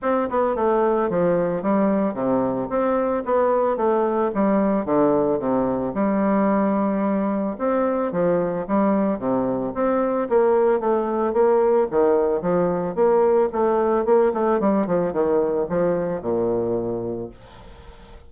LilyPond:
\new Staff \with { instrumentName = "bassoon" } { \time 4/4 \tempo 4 = 111 c'8 b8 a4 f4 g4 | c4 c'4 b4 a4 | g4 d4 c4 g4~ | g2 c'4 f4 |
g4 c4 c'4 ais4 | a4 ais4 dis4 f4 | ais4 a4 ais8 a8 g8 f8 | dis4 f4 ais,2 | }